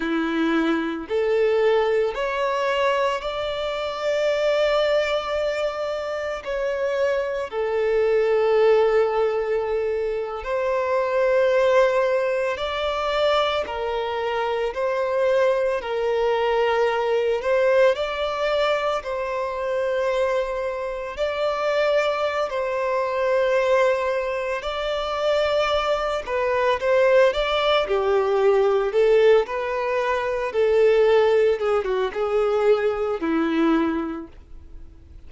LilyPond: \new Staff \with { instrumentName = "violin" } { \time 4/4 \tempo 4 = 56 e'4 a'4 cis''4 d''4~ | d''2 cis''4 a'4~ | a'4.~ a'16 c''2 d''16~ | d''8. ais'4 c''4 ais'4~ ais'16~ |
ais'16 c''8 d''4 c''2 d''16~ | d''4 c''2 d''4~ | d''8 b'8 c''8 d''8 g'4 a'8 b'8~ | b'8 a'4 gis'16 fis'16 gis'4 e'4 | }